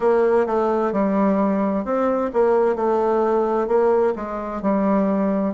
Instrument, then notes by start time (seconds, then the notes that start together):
bassoon
0.00 A#3
0.46 A3
0.92 G3
1.84 C4
2.33 A#3
2.75 A3
3.67 A#3
4.15 G#3
4.62 G3